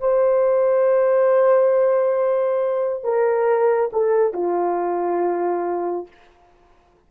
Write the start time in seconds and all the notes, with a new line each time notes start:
0.00 C5
3.03 A#4
3.92 A4
4.33 F4